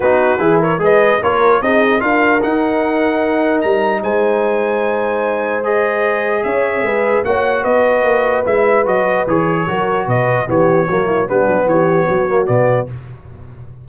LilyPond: <<
  \new Staff \with { instrumentName = "trumpet" } { \time 4/4 \tempo 4 = 149 b'4. cis''8 dis''4 cis''4 | dis''4 f''4 fis''2~ | fis''4 ais''4 gis''2~ | gis''2 dis''2 |
e''2 fis''4 dis''4~ | dis''4 e''4 dis''4 cis''4~ | cis''4 dis''4 cis''2 | b'4 cis''2 d''4 | }
  \new Staff \with { instrumentName = "horn" } { \time 4/4 fis'4 gis'8 ais'8 b'4 ais'4 | gis'4 ais'2.~ | ais'2 c''2~ | c''1 |
cis''4 b'4 cis''4 b'4~ | b'1 | ais'4 b'4 g'4 fis'8 e'8 | d'4 g'4 fis'2 | }
  \new Staff \with { instrumentName = "trombone" } { \time 4/4 dis'4 e'4 gis'4 f'4 | dis'4 f'4 dis'2~ | dis'1~ | dis'2 gis'2~ |
gis'2 fis'2~ | fis'4 e'4 fis'4 gis'4 | fis'2 b4 ais4 | b2~ b8 ais8 b4 | }
  \new Staff \with { instrumentName = "tuba" } { \time 4/4 b4 e4 gis4 ais4 | c'4 d'4 dis'2~ | dis'4 g4 gis2~ | gis1 |
cis'4 gis4 ais4 b4 | ais4 gis4 fis4 e4 | fis4 b,4 e4 fis4 | g8 fis8 e4 fis4 b,4 | }
>>